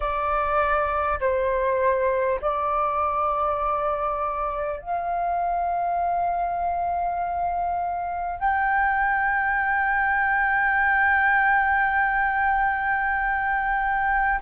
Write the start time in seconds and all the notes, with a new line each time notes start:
0.00 D5
1.20 C5
2.41 D5
4.79 F5
8.39 G5